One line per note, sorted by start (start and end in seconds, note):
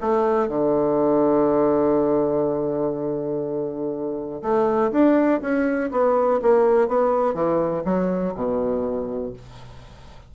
0.00 0.48 A3
0.48 4.41 D3
4.42 4.91 A3
4.91 5.40 D4
5.41 5.90 C#4
5.91 6.40 B3
6.42 6.87 A#3
6.87 7.34 B3
7.34 7.83 E3
7.84 8.34 F#3
8.35 9.33 B2